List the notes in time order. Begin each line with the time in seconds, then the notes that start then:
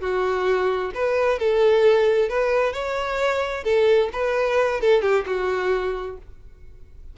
0.00 F#4
0.94 B4
1.38 A4
2.28 B4
2.72 C#5
3.63 A4
4.12 B4
4.80 A4
5.01 G4
5.26 F#4